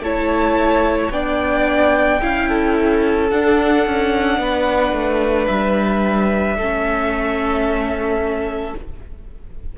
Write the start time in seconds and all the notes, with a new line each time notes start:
0.00 A3 E4 C#5 A5
1.11 B3 D4 D5 G5
2.21 C#4 E4 F5
2.49 A4
3.30 D4 F#5
3.87 C#4
4.38 B3 B4
4.92 A3
5.47 G3 E5
6.56 A3 C#4 A4